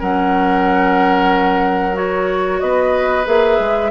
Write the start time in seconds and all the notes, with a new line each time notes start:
0.00 F#3 C#4 A#4 F#5
1.94 F#4 C#5
2.61 B3 B4 D#5
3.25 A#3 G#4 E5
3.60 G#3